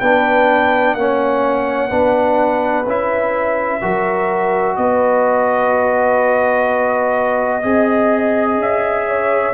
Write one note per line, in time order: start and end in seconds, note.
0.00 0.94 B3
0.00 0.98 D4
0.00 0.95 B4
0.00 0.94 G5
0.94 1.90 A#3
0.94 1.89 C#4
0.94 1.89 C#5
0.94 2.85 F#5
1.89 2.86 B3
1.89 2.84 D4
1.89 3.80 B4
2.86 3.81 C#4
2.86 3.81 E4
2.86 4.76 E5
3.81 4.77 F#3
3.81 7.62 F#4
3.81 4.76 A#4
4.76 7.62 B3
4.76 7.62 B4
4.76 8.57 D#5
7.62 8.58 C4
7.62 9.53 G#4
7.62 9.05 D#5
8.58 9.53 C#4
8.58 9.53 E5
9.07 9.53 C#5